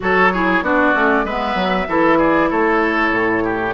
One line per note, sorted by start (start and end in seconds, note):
0.00 0.61 F#3
0.00 0.31 F#4
0.00 0.32 A4
0.00 0.63 C#5
0.32 0.63 E4
0.32 0.64 G#4
0.61 0.92 B3
0.61 0.94 D4
0.61 1.25 F#4
0.61 1.25 D5
0.94 1.24 A3
0.94 1.25 C#4
1.24 1.55 G#3
1.24 1.88 B3
1.24 1.87 B4
1.24 2.18 E5
1.55 1.86 F#3
1.88 2.51 E3
1.88 3.73 E4
1.88 2.18 A4
2.18 2.49 G#4
2.18 2.49 D5
2.49 3.10 A3
2.49 3.43 A4
2.49 3.73 C#5
3.10 3.73 A2
3.44 3.73 G4